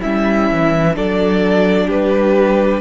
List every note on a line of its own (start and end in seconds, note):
0.00 0.51 G3
0.00 0.95 C#4
0.00 0.94 E4
0.00 0.95 E5
0.51 0.97 E3
0.95 1.89 F#3
0.95 2.81 D4
0.95 1.87 A4
0.95 1.90 D5
1.87 2.81 G3
1.87 2.81 G4
1.87 2.81 B4